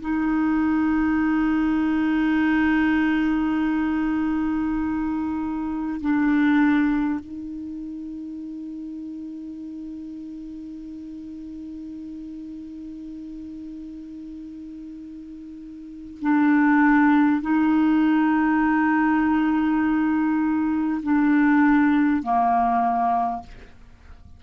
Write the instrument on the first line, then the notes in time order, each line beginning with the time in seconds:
clarinet
0.00 D#4
6.01 D4
7.19 D#4
16.21 D4
17.41 D#4
21.03 D4
22.22 A#3